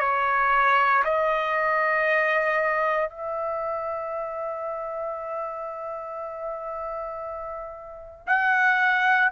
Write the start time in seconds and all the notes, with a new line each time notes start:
0.00 C#5
1.04 D#5
3.09 E5
8.27 F#5